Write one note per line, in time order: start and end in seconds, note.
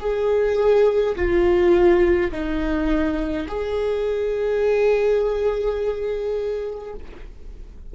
0.00 1.15 G#4
1.16 2.31 F4
2.31 3.47 D#4
3.48 6.94 G#4